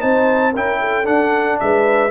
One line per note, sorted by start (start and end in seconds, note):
0.00 0.56 C4
0.00 0.53 D#4
0.00 0.53 C5
0.00 0.54 A5
0.53 1.08 C#4
0.53 1.04 E4
0.53 0.79 A#4
0.53 1.06 G5
0.80 1.59 A4
1.04 2.10 D4
1.04 1.61 D4
1.04 1.59 F#5
1.60 2.11 G#3
1.60 2.11 B4
1.60 2.11 E5